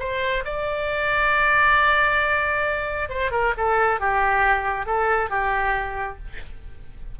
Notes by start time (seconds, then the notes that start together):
0.00 C5
0.45 D5
3.10 C5
3.32 A#4
3.58 A4
4.00 G4
4.86 A4
5.30 G4